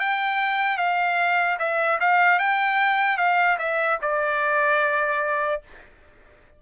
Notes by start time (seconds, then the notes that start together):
0.00 G5
0.77 F5
1.59 E5
2.01 F5
2.39 G5
3.17 F5
3.59 E5
4.02 D5